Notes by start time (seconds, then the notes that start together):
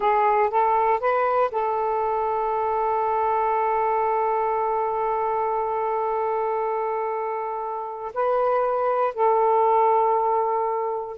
0.00 G#4
0.49 A4
0.99 B4
1.51 A4
8.14 B4
9.14 A4